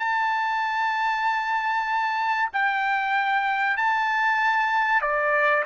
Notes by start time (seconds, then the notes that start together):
0.00 A5
2.54 G5
3.78 A5
5.02 D5